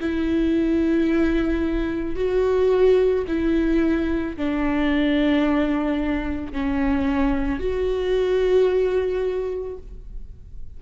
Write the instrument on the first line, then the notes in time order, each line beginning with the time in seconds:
viola
0.00 E4
2.16 F#4
3.28 E4
4.36 D4
6.53 C#4
7.59 F#4